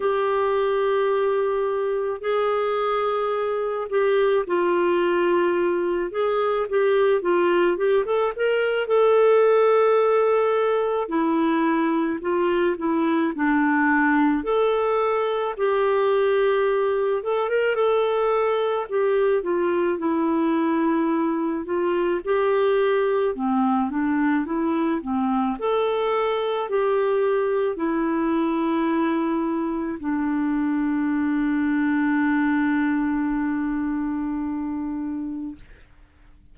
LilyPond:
\new Staff \with { instrumentName = "clarinet" } { \time 4/4 \tempo 4 = 54 g'2 gis'4. g'8 | f'4. gis'8 g'8 f'8 g'16 a'16 ais'8 | a'2 e'4 f'8 e'8 | d'4 a'4 g'4. a'16 ais'16 |
a'4 g'8 f'8 e'4. f'8 | g'4 c'8 d'8 e'8 c'8 a'4 | g'4 e'2 d'4~ | d'1 | }